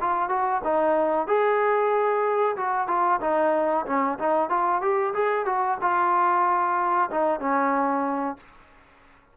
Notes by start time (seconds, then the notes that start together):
0.00 F4
0.29 F#4
0.64 D#4
1.27 G#4
2.56 F#4
2.87 F4
3.21 D#4
3.86 C#4
4.19 D#4
4.49 F4
4.81 G4
5.14 G#4
5.45 F#4
5.81 F4
7.11 D#4
7.40 C#4